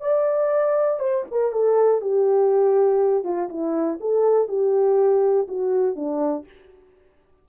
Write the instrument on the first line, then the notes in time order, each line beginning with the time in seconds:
horn
0.00 D5
0.99 C5
1.31 A#4
1.51 A4
2.01 G4
3.24 F4
3.49 E4
4.00 A4
4.48 G4
5.48 F#4
5.95 D4